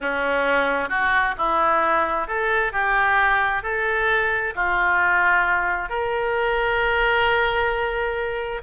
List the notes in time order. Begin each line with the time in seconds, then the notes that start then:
0.01 C#4
0.89 F#4
1.37 E4
2.27 A4
2.72 G4
3.62 A4
4.55 F4
5.89 A#4